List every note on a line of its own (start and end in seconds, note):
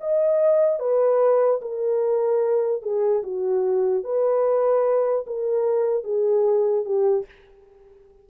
0.00 0.79 D#5
0.79 1.60 B4
1.61 2.82 A#4
2.82 3.22 G#4
3.23 4.04 F#4
4.04 5.25 B4
5.26 6.04 A#4
6.04 6.85 G#4
6.85 7.25 G4